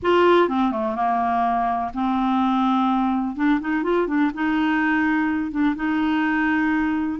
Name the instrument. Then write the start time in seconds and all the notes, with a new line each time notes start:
clarinet
0.02 F4
0.48 C4
0.71 A3
0.95 A#3
1.93 C4
3.36 D4
3.60 D#4
3.83 F4
4.07 D4
4.34 D#4
5.51 D4
5.75 D#4